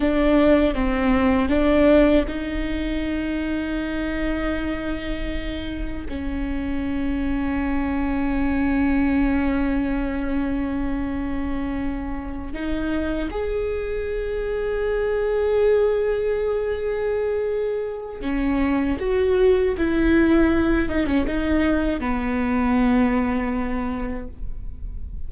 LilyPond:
\new Staff \with { instrumentName = "viola" } { \time 4/4 \tempo 4 = 79 d'4 c'4 d'4 dis'4~ | dis'1 | cis'1~ | cis'1~ |
cis'8 dis'4 gis'2~ gis'8~ | gis'1 | cis'4 fis'4 e'4. dis'16 cis'16 | dis'4 b2. | }